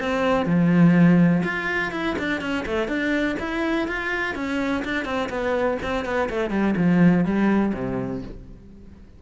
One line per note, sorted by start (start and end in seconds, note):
0.00 0.46 C4
0.46 1.43 F3
1.44 1.92 F4
1.92 2.16 E4
2.19 2.41 D4
2.41 2.65 C#4
2.66 2.88 A3
2.88 3.37 D4
3.40 3.88 E4
3.88 4.35 F4
4.35 4.84 C#4
4.85 5.05 D4
5.05 5.29 C4
5.30 5.78 B3
5.83 6.05 C4
6.05 6.29 B3
6.30 6.51 A3
6.51 6.75 G3
6.77 7.25 F3
7.25 7.74 G3
7.74 8.22 C3